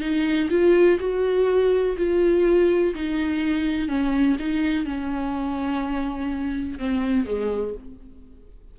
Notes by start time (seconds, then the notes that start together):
0.00 D#4
0.50 F4
0.99 F#4
1.97 F4
2.95 D#4
3.88 C#4
4.39 D#4
4.85 C#4
6.79 C4
7.25 G#3